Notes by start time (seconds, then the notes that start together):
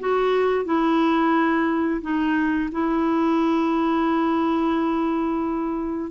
0.00 F#4
0.65 E4
2.02 D#4
2.72 E4